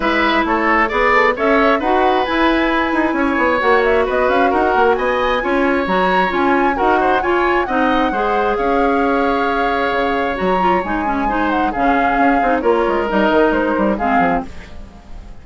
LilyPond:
<<
  \new Staff \with { instrumentName = "flute" } { \time 4/4 \tempo 4 = 133 e''4 cis''4 b'8 a'8 e''4 | fis''4 gis''2. | fis''8 e''8 dis''8 f''8 fis''4 gis''4~ | gis''4 ais''4 gis''4 fis''4 |
gis''4 fis''2 f''4~ | f''2. ais''4 | gis''4. fis''8 f''2 | cis''4 dis''4 c''4 f''4 | }
  \new Staff \with { instrumentName = "oboe" } { \time 4/4 b'4 a'4 d''4 cis''4 | b'2. cis''4~ | cis''4 b'4 ais'4 dis''4 | cis''2. ais'8 c''8 |
cis''4 dis''4 c''4 cis''4~ | cis''1~ | cis''4 c''4 gis'2 | ais'2. gis'4 | }
  \new Staff \with { instrumentName = "clarinet" } { \time 4/4 e'2 gis'4 a'4 | fis'4 e'2. | fis'1 | f'4 fis'4 f'4 fis'4 |
f'4 dis'4 gis'2~ | gis'2. fis'8 f'8 | dis'8 cis'8 dis'4 cis'4. dis'8 | f'4 dis'2 c'4 | }
  \new Staff \with { instrumentName = "bassoon" } { \time 4/4 gis4 a4 b4 cis'4 | dis'4 e'4. dis'8 cis'8 b8 | ais4 b8 cis'8 dis'8 ais8 b4 | cis'4 fis4 cis'4 dis'4 |
f'4 c'4 gis4 cis'4~ | cis'2 cis4 fis4 | gis2 cis4 cis'8 c'8 | ais8 gis8 g8 dis8 gis8 g8 gis8 f8 | }
>>